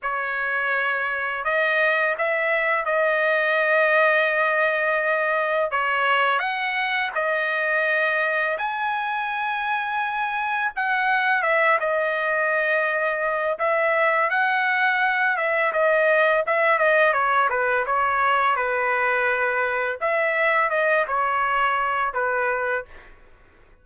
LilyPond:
\new Staff \with { instrumentName = "trumpet" } { \time 4/4 \tempo 4 = 84 cis''2 dis''4 e''4 | dis''1 | cis''4 fis''4 dis''2 | gis''2. fis''4 |
e''8 dis''2~ dis''8 e''4 | fis''4. e''8 dis''4 e''8 dis''8 | cis''8 b'8 cis''4 b'2 | e''4 dis''8 cis''4. b'4 | }